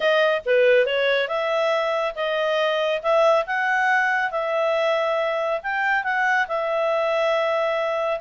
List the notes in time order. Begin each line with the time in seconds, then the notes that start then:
0.00 D#5
0.45 B4
0.86 C#5
1.28 E5
2.15 D#5
3.02 E5
3.46 F#5
4.31 E5
5.62 G5
6.03 F#5
6.47 E5